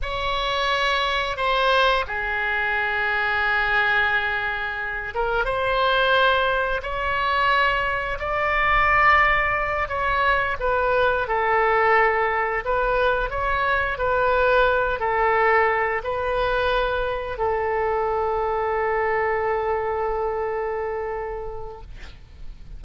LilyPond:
\new Staff \with { instrumentName = "oboe" } { \time 4/4 \tempo 4 = 88 cis''2 c''4 gis'4~ | gis'2.~ gis'8 ais'8 | c''2 cis''2 | d''2~ d''8 cis''4 b'8~ |
b'8 a'2 b'4 cis''8~ | cis''8 b'4. a'4. b'8~ | b'4. a'2~ a'8~ | a'1 | }